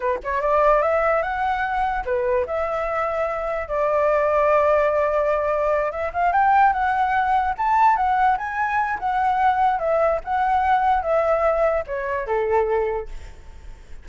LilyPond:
\new Staff \with { instrumentName = "flute" } { \time 4/4 \tempo 4 = 147 b'8 cis''8 d''4 e''4 fis''4~ | fis''4 b'4 e''2~ | e''4 d''2.~ | d''2~ d''8 e''8 f''8 g''8~ |
g''8 fis''2 a''4 fis''8~ | fis''8 gis''4. fis''2 | e''4 fis''2 e''4~ | e''4 cis''4 a'2 | }